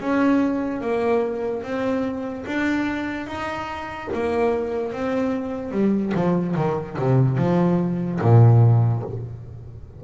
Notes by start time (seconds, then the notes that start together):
0.00 C#4
0.81 A#3
1.63 C4
2.46 D4
3.27 D#4
4.13 A#3
4.92 C4
5.71 G3
6.14 F3
6.56 D#3
6.99 C3
7.37 F3
8.21 A#2